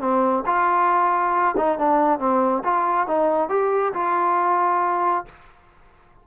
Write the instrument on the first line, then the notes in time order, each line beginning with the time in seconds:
trombone
0.00 C4
0.46 F4
1.57 D#4
1.78 D4
2.19 C4
2.64 F4
3.07 D#4
3.49 G4
3.93 F4